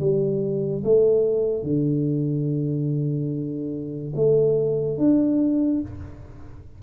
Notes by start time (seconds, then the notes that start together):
0.00 G3
0.84 A3
1.63 D3
4.16 A3
4.98 D4